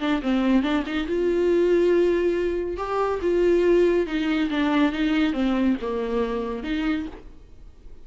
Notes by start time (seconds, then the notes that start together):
0.00 D4
0.22 C4
0.63 D4
0.86 D#4
1.07 F4
2.77 G4
3.22 F4
4.07 D#4
4.50 D4
4.92 D#4
5.33 C4
5.81 A#3
6.64 D#4